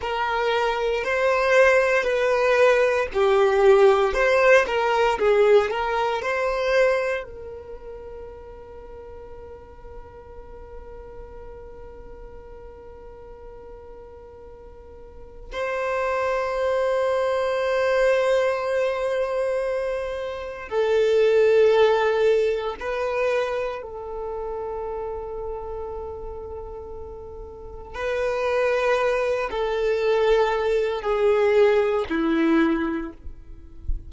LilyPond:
\new Staff \with { instrumentName = "violin" } { \time 4/4 \tempo 4 = 58 ais'4 c''4 b'4 g'4 | c''8 ais'8 gis'8 ais'8 c''4 ais'4~ | ais'1~ | ais'2. c''4~ |
c''1 | a'2 b'4 a'4~ | a'2. b'4~ | b'8 a'4. gis'4 e'4 | }